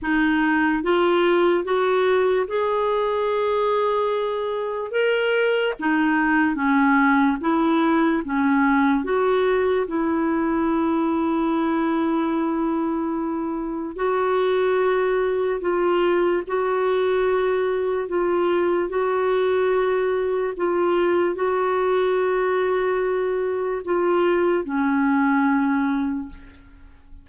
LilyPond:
\new Staff \with { instrumentName = "clarinet" } { \time 4/4 \tempo 4 = 73 dis'4 f'4 fis'4 gis'4~ | gis'2 ais'4 dis'4 | cis'4 e'4 cis'4 fis'4 | e'1~ |
e'4 fis'2 f'4 | fis'2 f'4 fis'4~ | fis'4 f'4 fis'2~ | fis'4 f'4 cis'2 | }